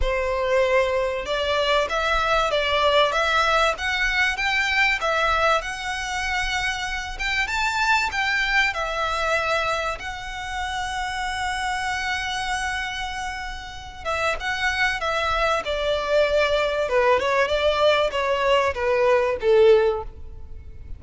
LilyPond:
\new Staff \with { instrumentName = "violin" } { \time 4/4 \tempo 4 = 96 c''2 d''4 e''4 | d''4 e''4 fis''4 g''4 | e''4 fis''2~ fis''8 g''8 | a''4 g''4 e''2 |
fis''1~ | fis''2~ fis''8 e''8 fis''4 | e''4 d''2 b'8 cis''8 | d''4 cis''4 b'4 a'4 | }